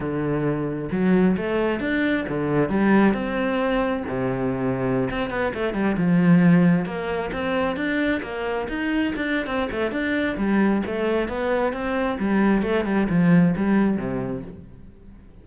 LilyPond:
\new Staff \with { instrumentName = "cello" } { \time 4/4 \tempo 4 = 133 d2 fis4 a4 | d'4 d4 g4 c'4~ | c'4 c2~ c16 c'8 b16~ | b16 a8 g8 f2 ais8.~ |
ais16 c'4 d'4 ais4 dis'8.~ | dis'16 d'8. c'8 a8 d'4 g4 | a4 b4 c'4 g4 | a8 g8 f4 g4 c4 | }